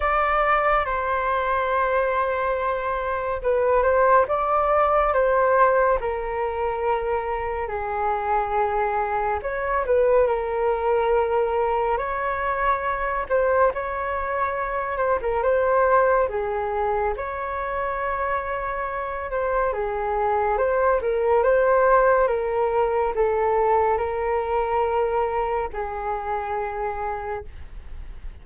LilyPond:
\new Staff \with { instrumentName = "flute" } { \time 4/4 \tempo 4 = 70 d''4 c''2. | b'8 c''8 d''4 c''4 ais'4~ | ais'4 gis'2 cis''8 b'8 | ais'2 cis''4. c''8 |
cis''4. c''16 ais'16 c''4 gis'4 | cis''2~ cis''8 c''8 gis'4 | c''8 ais'8 c''4 ais'4 a'4 | ais'2 gis'2 | }